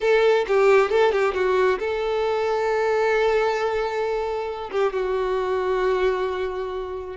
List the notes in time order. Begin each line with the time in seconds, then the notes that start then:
0.00 A4
0.47 G4
0.90 A4
1.12 G4
1.34 F#4
1.79 A4
4.71 G4
4.92 F#4